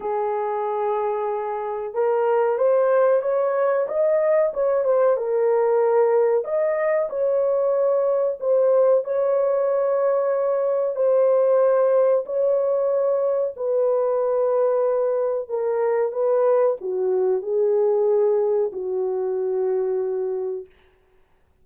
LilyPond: \new Staff \with { instrumentName = "horn" } { \time 4/4 \tempo 4 = 93 gis'2. ais'4 | c''4 cis''4 dis''4 cis''8 c''8 | ais'2 dis''4 cis''4~ | cis''4 c''4 cis''2~ |
cis''4 c''2 cis''4~ | cis''4 b'2. | ais'4 b'4 fis'4 gis'4~ | gis'4 fis'2. | }